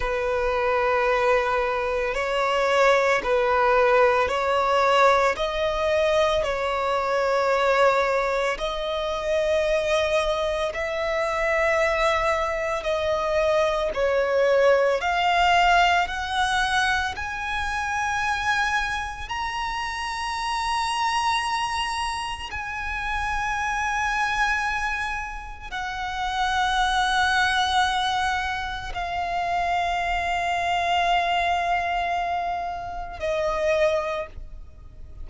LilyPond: \new Staff \with { instrumentName = "violin" } { \time 4/4 \tempo 4 = 56 b'2 cis''4 b'4 | cis''4 dis''4 cis''2 | dis''2 e''2 | dis''4 cis''4 f''4 fis''4 |
gis''2 ais''2~ | ais''4 gis''2. | fis''2. f''4~ | f''2. dis''4 | }